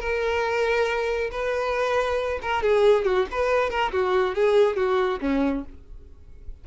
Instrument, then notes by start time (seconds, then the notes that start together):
violin
0.00 A#4
1.31 B4
2.42 A#4
2.63 G#4
3.05 F#4
3.31 B4
3.70 A#4
3.92 F#4
4.35 G#4
4.76 F#4
5.21 C#4